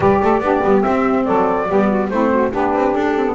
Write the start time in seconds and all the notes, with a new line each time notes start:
0.00 G3 G4 B4 D5
0.22 A3 A4
0.40 B3 D4 G4
0.62 G3 B3
0.81 C4 E5
1.24 F#3 A4 D5
1.67 G3 B3 G4
1.89 F#4
2.09 A3 C4 E4 C5
2.32 F#4
2.51 B3 D4 G4 B4
2.74 C4
2.94 D4 A4
3.16 C4
3.26 B3